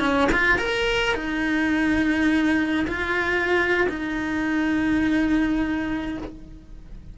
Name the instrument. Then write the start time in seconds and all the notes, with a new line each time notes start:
cello
0.00 C#4
0.33 F4
0.58 A#4
1.15 D#4
2.88 F4
3.89 D#4